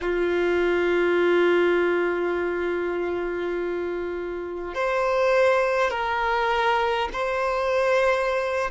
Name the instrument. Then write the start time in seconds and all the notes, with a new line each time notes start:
violin
0.01 F4
4.74 C5
5.90 A#4
7.12 C5